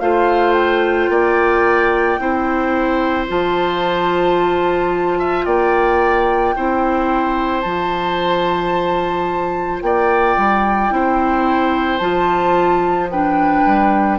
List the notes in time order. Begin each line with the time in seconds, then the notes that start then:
0.00 A3 F4 C5 F5
0.53 G5
1.10 A#3 D5
2.19 C4 E4 C5
3.28 F3 F4 A5
5.19 E5
5.45 A#3 D5 G5
6.56 C4 E4 C5
7.61 F3 F4 A5
9.82 A#3 D5 G5
10.37 G3
10.91 C4 E4 C5
11.98 F3 F4 A5
13.11 D4 B4 G5
13.66 G3